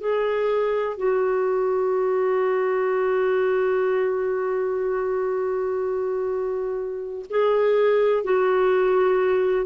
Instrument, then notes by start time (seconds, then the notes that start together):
clarinet
0.00 G#4
0.97 F#4
7.29 G#4
8.23 F#4